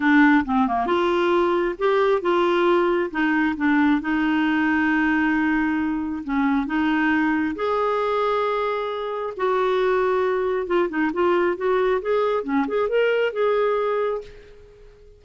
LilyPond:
\new Staff \with { instrumentName = "clarinet" } { \time 4/4 \tempo 4 = 135 d'4 c'8 ais8 f'2 | g'4 f'2 dis'4 | d'4 dis'2.~ | dis'2 cis'4 dis'4~ |
dis'4 gis'2.~ | gis'4 fis'2. | f'8 dis'8 f'4 fis'4 gis'4 | cis'8 gis'8 ais'4 gis'2 | }